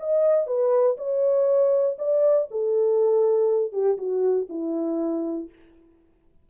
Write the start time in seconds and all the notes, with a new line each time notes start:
0.00 D#5
0.47 B4
0.97 C#5
1.99 D5
2.51 A4
3.72 G4
3.98 F#4
4.50 E4